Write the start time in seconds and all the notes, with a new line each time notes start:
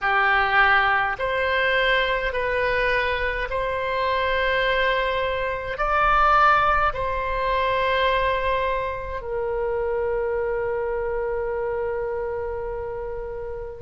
0.01 G4
1.19 C5
2.32 B4
3.49 C5
5.77 D5
6.93 C5
9.20 A#4